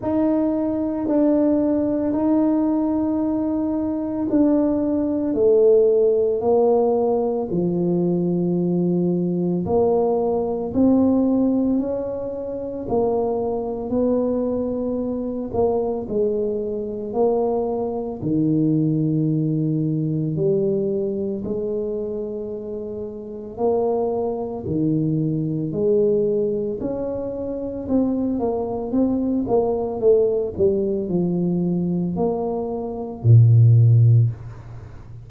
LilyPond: \new Staff \with { instrumentName = "tuba" } { \time 4/4 \tempo 4 = 56 dis'4 d'4 dis'2 | d'4 a4 ais4 f4~ | f4 ais4 c'4 cis'4 | ais4 b4. ais8 gis4 |
ais4 dis2 g4 | gis2 ais4 dis4 | gis4 cis'4 c'8 ais8 c'8 ais8 | a8 g8 f4 ais4 ais,4 | }